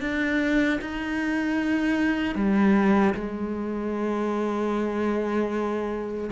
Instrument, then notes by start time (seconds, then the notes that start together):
cello
0.00 D4
0.81 D#4
2.35 G3
3.14 G#3